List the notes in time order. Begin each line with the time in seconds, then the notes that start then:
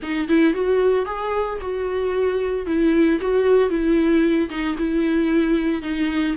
0.02 D#4
0.28 E4
0.53 F#4
1.05 G#4
1.61 F#4
2.66 E4
3.20 F#4
3.69 E4
4.49 D#4
4.78 E4
5.82 D#4